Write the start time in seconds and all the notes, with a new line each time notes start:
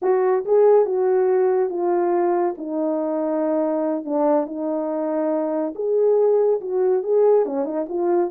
0.02 F#4
0.45 G#4
0.85 F#4
1.69 F4
2.57 D#4
4.04 D4
4.46 D#4
5.75 G#4
6.60 F#4
7.03 G#4
7.45 C#4
7.64 D#4
7.88 F4